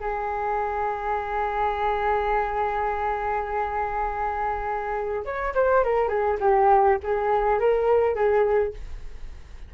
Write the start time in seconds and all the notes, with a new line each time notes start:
0.00 G#4
5.25 C#5
5.55 C5
5.84 A#4
6.08 G#4
6.41 G4
7.03 G#4
7.59 A#4
8.15 G#4